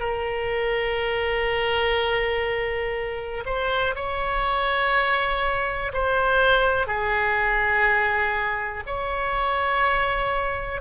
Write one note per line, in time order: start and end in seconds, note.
0.00 3.44 A#4
3.46 3.95 C5
3.96 5.92 C#5
5.94 6.87 C5
6.87 8.84 G#4
8.87 10.82 C#5